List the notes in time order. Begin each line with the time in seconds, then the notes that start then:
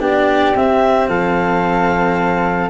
0.00 B3 D4 G4 D5
0.56 C4 E5
1.08 F3 A4 F5